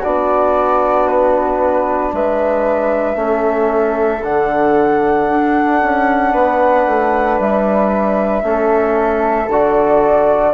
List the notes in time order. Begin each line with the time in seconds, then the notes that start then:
0.00 D4 F#4 D5
0.06 B3
1.08 B4
2.13 G#3 B4 E5
3.16 A3 C#4 A4
4.24 D3 D4 F#5
5.30 D4
5.83 C#4
6.32 B3 B4
6.87 A3
7.40 G3 E5
8.43 A3 C#4 A4
9.48 D3 F#4 D5